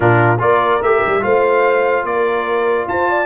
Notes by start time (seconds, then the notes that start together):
0.00 A#2 D4 F4 A#4
0.39 A#3 F4 A#4 D5
0.81 A3 G4 E5
1.06 G3
1.20 A3 F4 C5 F5
2.04 A#3 A#4 D5
2.88 F4 C5 A5
3.09 D5